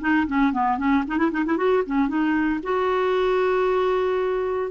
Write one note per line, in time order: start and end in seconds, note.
0.00 0.26 D#4
0.27 0.52 C#4
0.52 0.77 B3
0.77 1.03 C#4
1.07 1.17 D#4
1.17 1.30 E4
1.31 1.44 D#4
1.45 1.57 E4
1.57 1.83 F#4
1.86 2.08 C#4
2.08 2.60 D#4
2.63 4.71 F#4